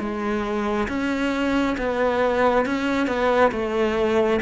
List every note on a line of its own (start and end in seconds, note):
0.00 0.88 G#3
0.89 1.77 C#4
1.78 2.66 B3
2.66 3.08 C#4
3.08 3.52 B3
3.52 4.40 A3